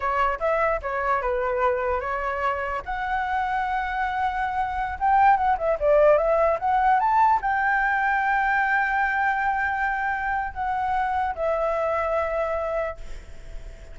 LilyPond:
\new Staff \with { instrumentName = "flute" } { \time 4/4 \tempo 4 = 148 cis''4 e''4 cis''4 b'4~ | b'4 cis''2 fis''4~ | fis''1~ | fis''16 g''4 fis''8 e''8 d''4 e''8.~ |
e''16 fis''4 a''4 g''4.~ g''16~ | g''1~ | g''2 fis''2 | e''1 | }